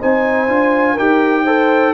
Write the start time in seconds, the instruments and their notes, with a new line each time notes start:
0.00 tuba C4, trombone D#4, horn C5, trumpet G#5
0.49 tuba D4, trombone F4
0.94 tuba D#4, trombone G4, horn A#4, trumpet G5
1.45 trombone A4, horn C5